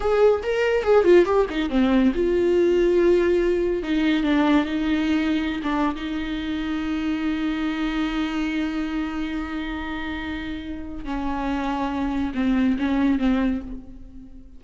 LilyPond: \new Staff \with { instrumentName = "viola" } { \time 4/4 \tempo 4 = 141 gis'4 ais'4 gis'8 f'8 g'8 dis'8 | c'4 f'2.~ | f'4 dis'4 d'4 dis'4~ | dis'4~ dis'16 d'8. dis'2~ |
dis'1~ | dis'1~ | dis'2 cis'2~ | cis'4 c'4 cis'4 c'4 | }